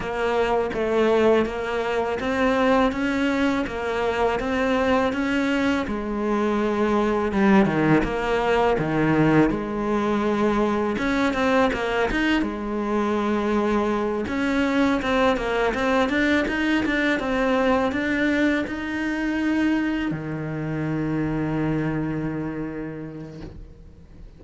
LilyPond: \new Staff \with { instrumentName = "cello" } { \time 4/4 \tempo 4 = 82 ais4 a4 ais4 c'4 | cis'4 ais4 c'4 cis'4 | gis2 g8 dis8 ais4 | dis4 gis2 cis'8 c'8 |
ais8 dis'8 gis2~ gis8 cis'8~ | cis'8 c'8 ais8 c'8 d'8 dis'8 d'8 c'8~ | c'8 d'4 dis'2 dis8~ | dis1 | }